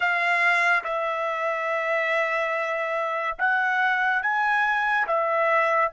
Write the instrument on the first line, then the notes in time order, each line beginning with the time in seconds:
trumpet
0.00 F5
0.83 E5
3.38 F#5
4.22 G#5
5.07 E5